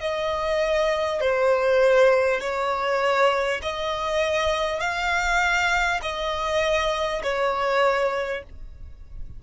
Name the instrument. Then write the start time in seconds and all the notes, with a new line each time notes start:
violin
0.00 D#5
1.20 C5
2.41 C#5
3.62 D#5
4.80 F5
6.02 D#5
7.23 C#5